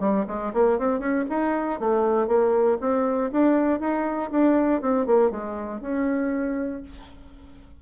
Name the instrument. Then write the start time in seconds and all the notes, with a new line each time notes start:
bassoon
0.00 G3
0.28 G#3
0.53 A#3
0.79 C4
0.99 C#4
1.29 D#4
1.80 A3
2.28 A#3
2.81 C4
3.32 D4
3.80 D#4
4.31 D4
4.82 C4
5.06 A#3
5.31 G#3
5.81 C#4